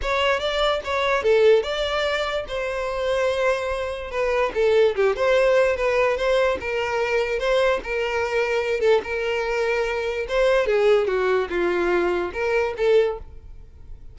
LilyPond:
\new Staff \with { instrumentName = "violin" } { \time 4/4 \tempo 4 = 146 cis''4 d''4 cis''4 a'4 | d''2 c''2~ | c''2 b'4 a'4 | g'8 c''4. b'4 c''4 |
ais'2 c''4 ais'4~ | ais'4. a'8 ais'2~ | ais'4 c''4 gis'4 fis'4 | f'2 ais'4 a'4 | }